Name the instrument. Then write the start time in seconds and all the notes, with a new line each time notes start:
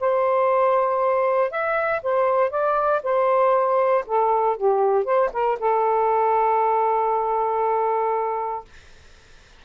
saxophone
0.00 C5
1.51 E5
2.03 C5
2.51 D5
3.03 C5
4.07 A4
4.57 G4
5.05 C5
5.33 A#4
5.60 A4